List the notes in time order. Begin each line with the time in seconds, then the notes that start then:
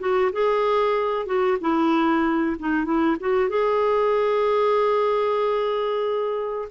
0.00 F#4
0.32 G#4
1.26 F#4
1.61 E4
2.59 D#4
2.85 E4
3.20 F#4
3.50 G#4